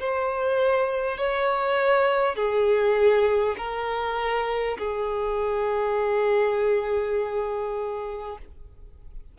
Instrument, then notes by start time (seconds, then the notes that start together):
violin
0.00 C5
1.18 C#5
2.36 G#4
3.58 A#4
4.78 G#4